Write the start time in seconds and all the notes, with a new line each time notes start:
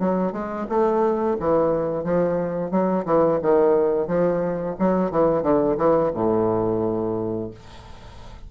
0.00 F#3
0.33 G#3
0.69 A3
1.40 E3
2.04 F3
2.71 F#3
3.06 E3
3.43 D#3
4.08 F3
4.79 F#3
5.11 E3
5.43 D3
5.78 E3
6.15 A2